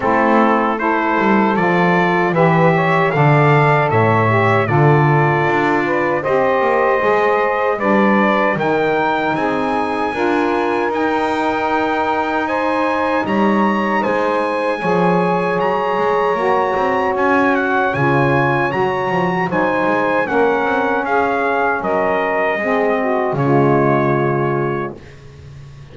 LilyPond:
<<
  \new Staff \with { instrumentName = "trumpet" } { \time 4/4 \tempo 4 = 77 a'4 c''4 d''4 e''4 | f''4 e''4 d''2 | dis''2 d''4 g''4 | gis''2 g''2 |
gis''4 ais''4 gis''2 | ais''2 gis''8 fis''8 gis''4 | ais''4 gis''4 fis''4 f''4 | dis''2 cis''2 | }
  \new Staff \with { instrumentName = "saxophone" } { \time 4/4 e'4 a'2 b'8 cis''8 | d''4 cis''4 a'4. b'8 | c''2 b'4 ais'4 | gis'4 ais'2. |
c''4 cis''4 c''4 cis''4~ | cis''1~ | cis''4 c''4 ais'4 gis'4 | ais'4 gis'8 fis'8 f'2 | }
  \new Staff \with { instrumentName = "saxophone" } { \time 4/4 c'4 e'4 f'4 g'4 | a'4. g'8 f'2 | g'4 gis'4 d'4 dis'4~ | dis'4 f'4 dis'2~ |
dis'2. gis'4~ | gis'4 fis'2 f'4 | fis'4 dis'4 cis'2~ | cis'4 c'4 gis2 | }
  \new Staff \with { instrumentName = "double bass" } { \time 4/4 a4. g8 f4 e4 | d4 a,4 d4 d'4 | c'8 ais8 gis4 g4 dis4 | c'4 d'4 dis'2~ |
dis'4 g4 gis4 f4 | fis8 gis8 ais8 c'8 cis'4 cis4 | fis8 f8 fis8 gis8 ais8 c'8 cis'4 | fis4 gis4 cis2 | }
>>